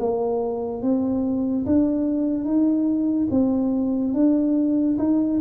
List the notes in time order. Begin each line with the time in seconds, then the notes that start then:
0.00 A#3
0.83 C4
1.66 D4
2.45 D#4
3.31 C4
4.14 D4
4.99 D#4